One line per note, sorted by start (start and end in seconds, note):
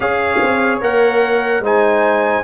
0.00 0.39 C#4
0.00 0.81 G#4
0.00 1.62 C#5
0.00 0.79 F5
0.41 0.81 C4
0.81 1.59 A#3
0.81 1.62 A#4
0.81 1.64 F#5
1.59 2.41 G#3
1.59 2.44 D#4
1.59 2.43 C5
1.59 2.44 G#5